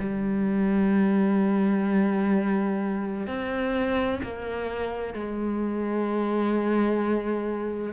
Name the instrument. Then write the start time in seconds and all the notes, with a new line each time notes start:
cello
0.00 G3
3.27 C4
4.24 A#3
5.14 G#3